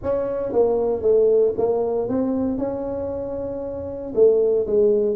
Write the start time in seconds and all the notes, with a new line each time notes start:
0.03 C#4
0.52 A#3
1.02 A3
1.57 A#3
2.08 C4
2.57 C#4
4.14 A3
4.66 G#3